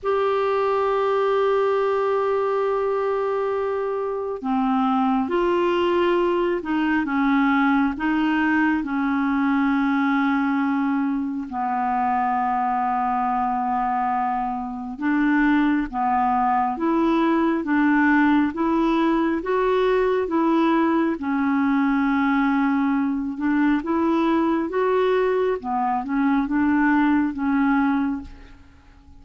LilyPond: \new Staff \with { instrumentName = "clarinet" } { \time 4/4 \tempo 4 = 68 g'1~ | g'4 c'4 f'4. dis'8 | cis'4 dis'4 cis'2~ | cis'4 b2.~ |
b4 d'4 b4 e'4 | d'4 e'4 fis'4 e'4 | cis'2~ cis'8 d'8 e'4 | fis'4 b8 cis'8 d'4 cis'4 | }